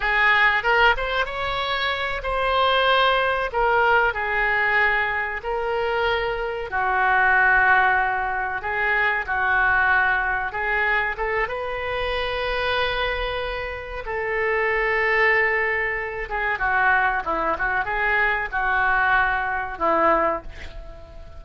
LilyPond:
\new Staff \with { instrumentName = "oboe" } { \time 4/4 \tempo 4 = 94 gis'4 ais'8 c''8 cis''4. c''8~ | c''4. ais'4 gis'4.~ | gis'8 ais'2 fis'4.~ | fis'4. gis'4 fis'4.~ |
fis'8 gis'4 a'8 b'2~ | b'2 a'2~ | a'4. gis'8 fis'4 e'8 fis'8 | gis'4 fis'2 e'4 | }